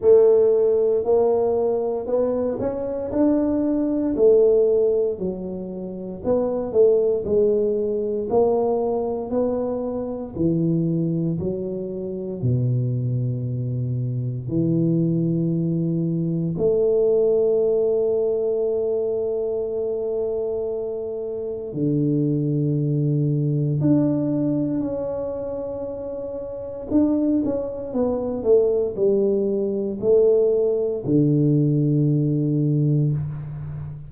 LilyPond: \new Staff \with { instrumentName = "tuba" } { \time 4/4 \tempo 4 = 58 a4 ais4 b8 cis'8 d'4 | a4 fis4 b8 a8 gis4 | ais4 b4 e4 fis4 | b,2 e2 |
a1~ | a4 d2 d'4 | cis'2 d'8 cis'8 b8 a8 | g4 a4 d2 | }